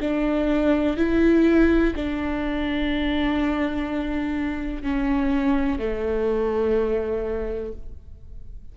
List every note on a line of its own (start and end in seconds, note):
0.00 0.97 D4
0.97 1.94 E4
1.96 4.83 D4
4.83 5.79 C#4
5.79 7.72 A3